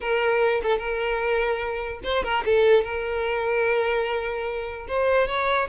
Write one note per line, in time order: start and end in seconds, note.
0.00 0.61 A#4
0.62 0.78 A4
0.78 2.00 A#4
2.03 2.23 C5
2.23 2.44 A#4
2.45 2.84 A4
2.84 4.86 A#4
4.88 5.27 C5
5.27 5.68 C#5